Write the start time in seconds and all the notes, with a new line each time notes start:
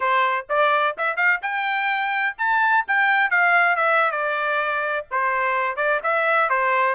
0.00 C5
0.49 D5
0.97 E5
1.16 F5
1.42 G5
2.38 A5
2.87 G5
3.30 F5
3.76 E5
4.11 D5
5.10 C5
5.76 D5
6.03 E5
6.49 C5